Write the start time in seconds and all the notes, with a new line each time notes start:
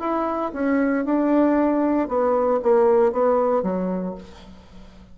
0.00 E4
0.53 C#4
1.05 D4
2.08 B3
2.63 A#3
3.12 B3
3.63 F#3